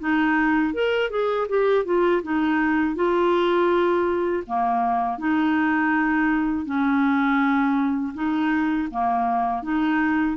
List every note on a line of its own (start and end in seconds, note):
0.00 0.74 D#4
0.74 1.10 A#4
1.10 1.47 G#4
1.48 1.85 G4
1.85 2.22 F4
2.23 2.95 D#4
2.95 4.43 F4
4.46 5.18 A#3
5.18 6.66 D#4
6.66 8.14 C#4
8.14 8.89 D#4
8.91 9.63 A#3
9.63 10.37 D#4